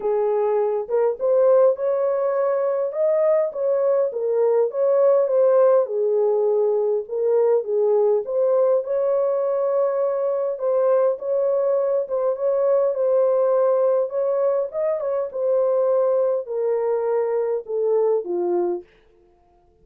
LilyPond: \new Staff \with { instrumentName = "horn" } { \time 4/4 \tempo 4 = 102 gis'4. ais'8 c''4 cis''4~ | cis''4 dis''4 cis''4 ais'4 | cis''4 c''4 gis'2 | ais'4 gis'4 c''4 cis''4~ |
cis''2 c''4 cis''4~ | cis''8 c''8 cis''4 c''2 | cis''4 dis''8 cis''8 c''2 | ais'2 a'4 f'4 | }